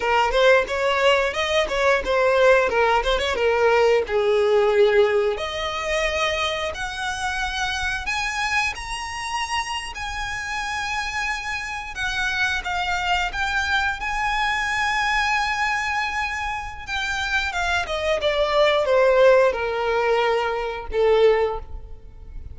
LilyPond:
\new Staff \with { instrumentName = "violin" } { \time 4/4 \tempo 4 = 89 ais'8 c''8 cis''4 dis''8 cis''8 c''4 | ais'8 c''16 cis''16 ais'4 gis'2 | dis''2 fis''2 | gis''4 ais''4.~ ais''16 gis''4~ gis''16~ |
gis''4.~ gis''16 fis''4 f''4 g''16~ | g''8. gis''2.~ gis''16~ | gis''4 g''4 f''8 dis''8 d''4 | c''4 ais'2 a'4 | }